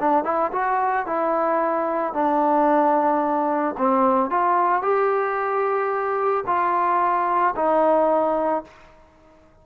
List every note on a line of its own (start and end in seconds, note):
0.00 0.25 D4
0.25 0.52 E4
0.53 1.06 F#4
1.06 2.14 E4
2.14 3.76 D4
3.78 4.30 C4
4.30 4.82 F4
4.82 6.44 G4
6.47 7.55 F4
7.56 8.64 D#4